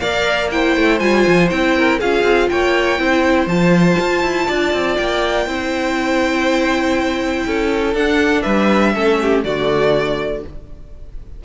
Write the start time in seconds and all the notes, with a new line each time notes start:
0.00 A#3 A#4 D5 F5
0.51 E4 C5 G5
0.77 A3
0.99 G3 F4 G#5
1.27 F3
1.50 C4 E4 G5
1.77 A#4
1.99 C#4 F4 G#4 F5
2.23 C4
2.49 A#3 C#5 G5
2.98 C4 E4 C5
3.46 F3 F4 A5
3.99 F4
4.23 E4
4.47 D4 D5
4.73 C4
4.97 A#3 G5
5.46 C4 E4 C5
7.47 C#4 A4
7.94 D4 F#5
8.42 G3 B4 E5
8.94 A3 C#4 A4
9.22 G4
9.44 D3 A3 F#4 D5